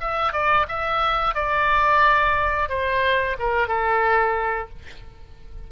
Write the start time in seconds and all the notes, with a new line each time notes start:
0.00 E5
0.32 D5
0.68 E5
1.34 D5
2.69 C5
3.39 A#4
3.67 A4